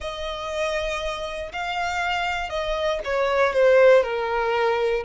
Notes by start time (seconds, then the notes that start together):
0.00 D#5
1.52 F5
2.49 D#5
3.04 C#5
3.53 C5
4.03 A#4